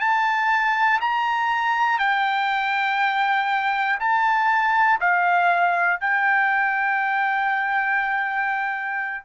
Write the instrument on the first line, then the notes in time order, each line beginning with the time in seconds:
trumpet
0.00 A5
1.01 A#5
1.99 G5
4.00 A5
5.00 F5
6.00 G5